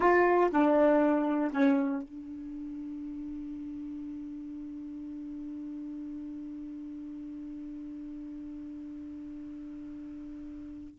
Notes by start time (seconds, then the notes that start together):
0.00 F4
0.51 D4
1.51 C#4
2.02 D4